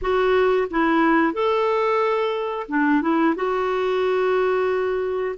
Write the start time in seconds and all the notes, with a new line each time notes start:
0.02 F#4
0.70 E4
1.33 A4
2.68 D4
3.01 E4
3.35 F#4